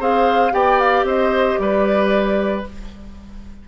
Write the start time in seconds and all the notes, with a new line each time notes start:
0.00 C4 G#4 C5 F5
0.52 B3 G4 D5 G5
0.80 F5
1.04 C4 C5 D#5
1.59 G3 B4 D5